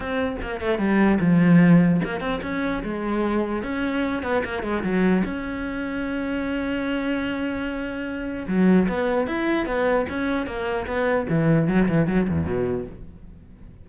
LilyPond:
\new Staff \with { instrumentName = "cello" } { \time 4/4 \tempo 4 = 149 c'4 ais8 a8 g4 f4~ | f4 ais8 c'8 cis'4 gis4~ | gis4 cis'4. b8 ais8 gis8 | fis4 cis'2.~ |
cis'1~ | cis'4 fis4 b4 e'4 | b4 cis'4 ais4 b4 | e4 fis8 e8 fis8 e,8 b,4 | }